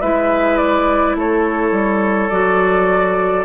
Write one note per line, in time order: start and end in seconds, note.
0.00 1.15 G#3
0.00 2.31 E4
0.00 1.16 B4
0.00 0.57 E5
0.57 1.15 D5
1.15 1.71 A3
1.15 3.44 A4
1.15 2.29 C#5
1.71 2.28 G3
2.29 3.44 F#3
2.29 3.44 F#4
2.29 3.44 D5